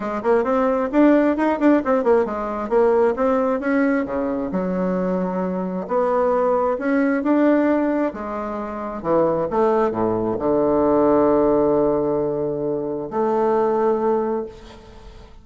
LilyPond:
\new Staff \with { instrumentName = "bassoon" } { \time 4/4 \tempo 4 = 133 gis8 ais8 c'4 d'4 dis'8 d'8 | c'8 ais8 gis4 ais4 c'4 | cis'4 cis4 fis2~ | fis4 b2 cis'4 |
d'2 gis2 | e4 a4 a,4 d4~ | d1~ | d4 a2. | }